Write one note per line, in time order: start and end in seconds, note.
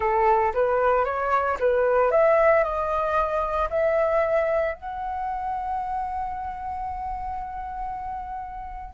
0.00 0.52 A4
0.54 1.05 B4
1.05 1.57 C#5
1.59 2.11 B4
2.11 2.63 E5
2.63 3.68 D#5
3.70 4.74 E5
4.74 8.94 F#5